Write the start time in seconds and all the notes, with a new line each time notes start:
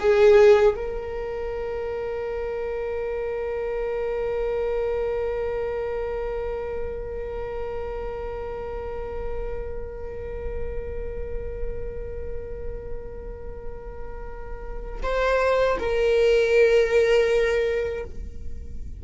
0.00 G#4
0.76 A#4
15.03 C5
15.79 A#4